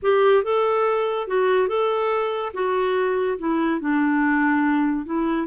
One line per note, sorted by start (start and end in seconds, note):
0.02 0.43 G4
0.43 1.27 A4
1.27 1.67 F#4
1.67 2.52 A4
2.53 3.38 F#4
3.38 3.80 E4
3.80 5.05 D4
5.05 5.47 E4